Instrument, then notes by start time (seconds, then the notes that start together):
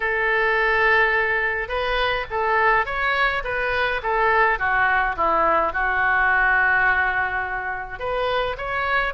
oboe
0.00 A4
1.68 B4
2.30 A4
2.85 C#5
3.44 B4
4.02 A4
4.58 F#4
5.16 E4
5.72 F#4
7.99 B4
8.57 C#5